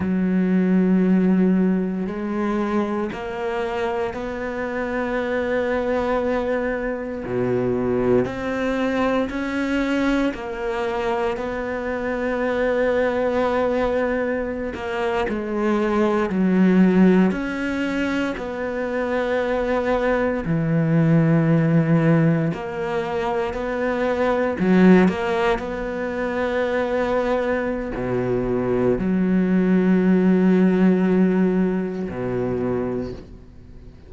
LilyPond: \new Staff \with { instrumentName = "cello" } { \time 4/4 \tempo 4 = 58 fis2 gis4 ais4 | b2. b,4 | c'4 cis'4 ais4 b4~ | b2~ b16 ais8 gis4 fis16~ |
fis8. cis'4 b2 e16~ | e4.~ e16 ais4 b4 fis16~ | fis16 ais8 b2~ b16 b,4 | fis2. b,4 | }